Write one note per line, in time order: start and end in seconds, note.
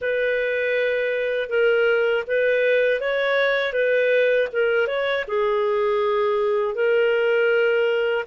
0.01 1.49 B4
1.49 2.24 A#4
2.27 3.00 B4
3.00 3.73 C#5
3.73 4.48 B4
4.52 4.87 A#4
4.87 5.24 C#5
5.27 6.74 G#4
6.74 8.24 A#4